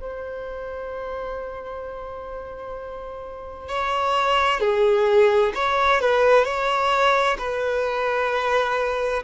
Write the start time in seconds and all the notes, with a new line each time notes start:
0.00 C5
3.68 C#5
4.60 G#4
5.55 C#5
6.01 B4
6.44 C#5
7.38 B4